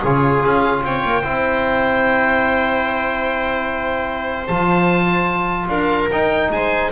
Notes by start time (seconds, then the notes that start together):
0.00 C#3 F4 G#4 C#5
0.44 C#4 F5
0.83 C4 C#5 G5
1.05 A#3
1.22 C4 E4 C5
4.47 F3 F4 A5
5.69 D4 A#4 F5
6.11 D#4 G5
6.50 G#3 C5 G#5